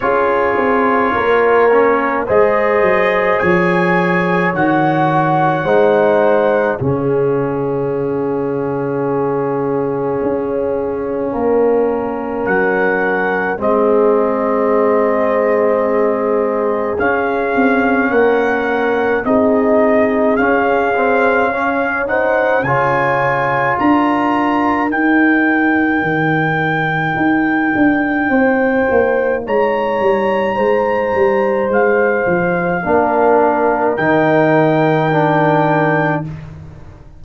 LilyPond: <<
  \new Staff \with { instrumentName = "trumpet" } { \time 4/4 \tempo 4 = 53 cis''2 dis''4 gis''4 | fis''2 f''2~ | f''2. fis''4 | dis''2. f''4 |
fis''4 dis''4 f''4. fis''8 | gis''4 ais''4 g''2~ | g''2 ais''2 | f''2 g''2 | }
  \new Staff \with { instrumentName = "horn" } { \time 4/4 gis'4 ais'4 c''4 cis''4~ | cis''4 c''4 gis'2~ | gis'2 ais'2 | gis'1 |
ais'4 gis'2 cis''8 c''8 | cis''4 ais'2.~ | ais'4 c''4 cis''4 c''4~ | c''4 ais'2. | }
  \new Staff \with { instrumentName = "trombone" } { \time 4/4 f'4. cis'8 gis'2 | fis'4 dis'4 cis'2~ | cis'1 | c'2. cis'4~ |
cis'4 dis'4 cis'8 c'8 cis'8 dis'8 | f'2 dis'2~ | dis'1~ | dis'4 d'4 dis'4 d'4 | }
  \new Staff \with { instrumentName = "tuba" } { \time 4/4 cis'8 c'8 ais4 gis8 fis8 f4 | dis4 gis4 cis2~ | cis4 cis'4 ais4 fis4 | gis2. cis'8 c'8 |
ais4 c'4 cis'2 | cis4 d'4 dis'4 dis4 | dis'8 d'8 c'8 ais8 gis8 g8 gis8 g8 | gis8 f8 ais4 dis2 | }
>>